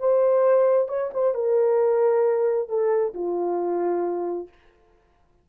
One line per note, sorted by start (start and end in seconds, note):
0.00 0.89 C5
0.89 1.12 C#5
1.14 1.35 C5
1.35 2.69 A#4
2.69 3.14 A4
3.14 4.49 F4